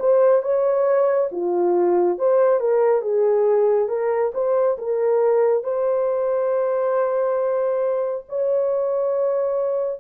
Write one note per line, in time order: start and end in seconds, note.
0.00 0.43 C5
0.43 1.30 C#5
1.32 2.19 F4
2.19 2.60 C5
2.60 3.02 A#4
3.02 3.89 G#4
3.89 4.32 A#4
4.34 4.78 C5
4.78 5.64 A#4
5.64 8.25 C5
8.29 10.00 C#5